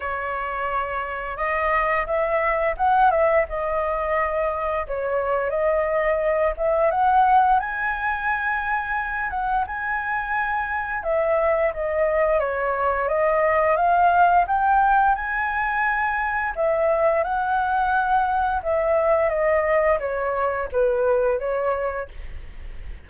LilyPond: \new Staff \with { instrumentName = "flute" } { \time 4/4 \tempo 4 = 87 cis''2 dis''4 e''4 | fis''8 e''8 dis''2 cis''4 | dis''4. e''8 fis''4 gis''4~ | gis''4. fis''8 gis''2 |
e''4 dis''4 cis''4 dis''4 | f''4 g''4 gis''2 | e''4 fis''2 e''4 | dis''4 cis''4 b'4 cis''4 | }